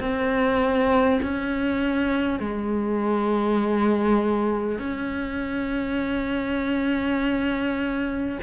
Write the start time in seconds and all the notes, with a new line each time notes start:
0.00 C4
1.23 C#4
2.39 G#3
4.79 C#4